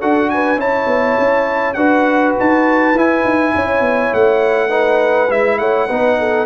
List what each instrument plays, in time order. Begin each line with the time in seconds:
0.00 tuba D4, trombone F#4, horn A4, trumpet F#5
0.30 horn B4, trumpet G#5
0.56 tuba C#4, trombone E4, horn C#5, trumpet A5
0.87 tuba B3
1.18 tuba C#4
1.74 tuba D4, trombone F#4, horn B4, trumpet F#5
2.39 tuba D#4, trumpet A5
2.94 tuba E4, trombone E4, trumpet G#5
3.24 tuba D#4
3.55 tuba C#4, horn C#5
3.80 tuba B3
4.13 tuba A3, trumpet F#5
4.69 trombone D#4, horn B4
5.29 tuba G#3, trombone E4, trumpet E5
5.58 tuba A3, horn C#5, trumpet F#5
5.87 tuba B3, trombone D#4, horn B4
6.19 horn A4